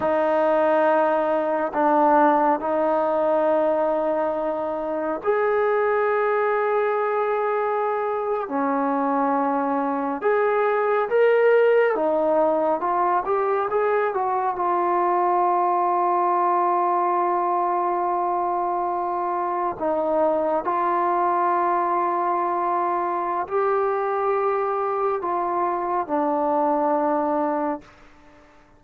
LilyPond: \new Staff \with { instrumentName = "trombone" } { \time 4/4 \tempo 4 = 69 dis'2 d'4 dis'4~ | dis'2 gis'2~ | gis'4.~ gis'16 cis'2 gis'16~ | gis'8. ais'4 dis'4 f'8 g'8 gis'16~ |
gis'16 fis'8 f'2.~ f'16~ | f'2~ f'8. dis'4 f'16~ | f'2. g'4~ | g'4 f'4 d'2 | }